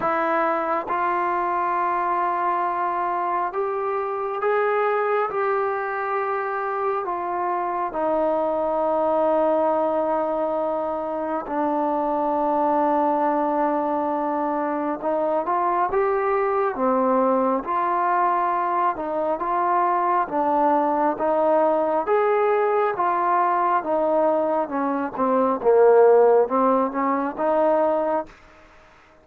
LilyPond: \new Staff \with { instrumentName = "trombone" } { \time 4/4 \tempo 4 = 68 e'4 f'2. | g'4 gis'4 g'2 | f'4 dis'2.~ | dis'4 d'2.~ |
d'4 dis'8 f'8 g'4 c'4 | f'4. dis'8 f'4 d'4 | dis'4 gis'4 f'4 dis'4 | cis'8 c'8 ais4 c'8 cis'8 dis'4 | }